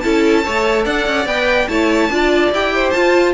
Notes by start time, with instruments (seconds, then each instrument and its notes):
0.00 cello C#4, viola E4, violin A4 A5
0.44 cello A3, viola A4, violin C#5
0.85 cello D4, violin D5 F#5
1.07 cello C#4
1.26 cello B3, viola B4, violin G5
1.69 cello A3, viola E4, violin C#5 A5
2.10 cello D4, viola F4, violin D5
2.52 cello E4, viola G4, violin G5
2.75 violin C5
2.91 cello F4, viola F4, violin A5